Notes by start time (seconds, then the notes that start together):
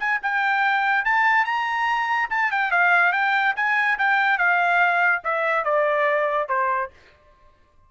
0.00 G#5
0.23 G5
1.05 A5
1.45 A#5
2.31 A5
2.52 G5
2.72 F5
3.13 G5
3.57 G#5
3.99 G5
4.39 F5
5.25 E5
5.65 D5
6.49 C5